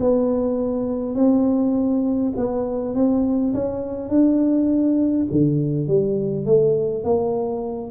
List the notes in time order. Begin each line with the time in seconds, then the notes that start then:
0.00 B3
1.15 C4
2.36 B3
2.95 C4
3.54 C#4
4.09 D4
5.31 D3
5.88 G3
6.45 A3
7.04 A#3